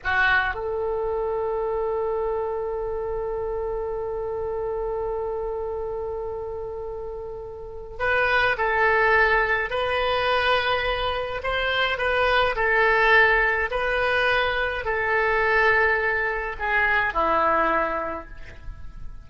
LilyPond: \new Staff \with { instrumentName = "oboe" } { \time 4/4 \tempo 4 = 105 fis'4 a'2.~ | a'1~ | a'1~ | a'2 b'4 a'4~ |
a'4 b'2. | c''4 b'4 a'2 | b'2 a'2~ | a'4 gis'4 e'2 | }